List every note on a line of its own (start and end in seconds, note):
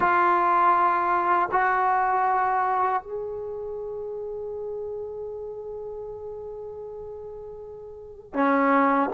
0.00 1.49 F4
1.51 3.02 F#4
3.02 8.33 G#4
8.33 9.09 C#4